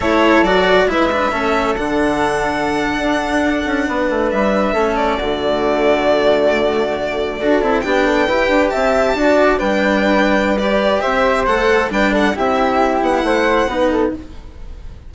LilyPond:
<<
  \new Staff \with { instrumentName = "violin" } { \time 4/4 \tempo 4 = 136 cis''4 d''4 e''2 | fis''1~ | fis''4.~ fis''16 e''4. d''8.~ | d''1~ |
d''4.~ d''16 g''2 a''16~ | a''4.~ a''16 g''2~ g''16 | d''4 e''4 fis''4 g''8 fis''8 | e''4. fis''2~ fis''8 | }
  \new Staff \with { instrumentName = "flute" } { \time 4/4 a'2 b'4 a'4~ | a'1~ | a'8. b'2 a'4 fis'16~ | fis'1~ |
fis'8. a'4 g'8 a'8 b'4 e''16~ | e''8. d''4 b'2~ b'16~ | b'4 c''2 b'8 a'8 | g'2 c''4 b'8 a'8 | }
  \new Staff \with { instrumentName = "cello" } { \time 4/4 e'4 fis'4 e'8 d'8 cis'4 | d'1~ | d'2~ d'8. cis'4 a16~ | a1~ |
a8. fis'8 e'8 d'4 g'4~ g'16~ | g'8. fis'4 d'2~ d'16 | g'2 a'4 d'4 | e'2. dis'4 | }
  \new Staff \with { instrumentName = "bassoon" } { \time 4/4 a4 fis4 gis4 a4 | d2~ d8. d'4~ d'16~ | d'16 cis'8 b8 a8 g4 a4 d16~ | d1~ |
d8. d'8 c'8 b4 e'8 d'8 c'16~ | c'8. d'4 g2~ g16~ | g4 c'4 a4 g4 | c'4. b8 a4 b4 | }
>>